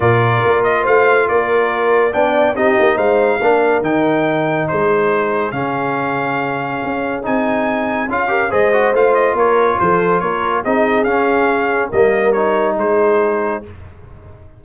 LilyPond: <<
  \new Staff \with { instrumentName = "trumpet" } { \time 4/4 \tempo 4 = 141 d''4. dis''8 f''4 d''4~ | d''4 g''4 dis''4 f''4~ | f''4 g''2 c''4~ | c''4 f''2.~ |
f''4 gis''2 f''4 | dis''4 f''8 dis''8 cis''4 c''4 | cis''4 dis''4 f''2 | dis''4 cis''4 c''2 | }
  \new Staff \with { instrumentName = "horn" } { \time 4/4 ais'2 c''4 ais'4~ | ais'4 d''4 g'4 c''4 | ais'2. gis'4~ | gis'1~ |
gis'2.~ gis'8 ais'8 | c''2 ais'4 a'4 | ais'4 gis'2. | ais'2 gis'2 | }
  \new Staff \with { instrumentName = "trombone" } { \time 4/4 f'1~ | f'4 d'4 dis'2 | d'4 dis'2.~ | dis'4 cis'2.~ |
cis'4 dis'2 f'8 g'8 | gis'8 fis'8 f'2.~ | f'4 dis'4 cis'2 | ais4 dis'2. | }
  \new Staff \with { instrumentName = "tuba" } { \time 4/4 ais,4 ais4 a4 ais4~ | ais4 b4 c'8 ais8 gis4 | ais4 dis2 gis4~ | gis4 cis2. |
cis'4 c'2 cis'4 | gis4 a4 ais4 f4 | ais4 c'4 cis'2 | g2 gis2 | }
>>